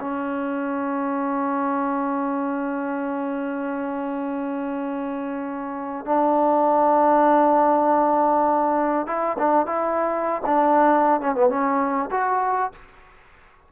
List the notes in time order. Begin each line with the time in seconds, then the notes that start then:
0.00 C#4
6.05 D4
9.07 E4
9.39 D4
9.66 E4
10.46 D4
11.21 C#4
11.35 B3
11.49 C#4
12.11 F#4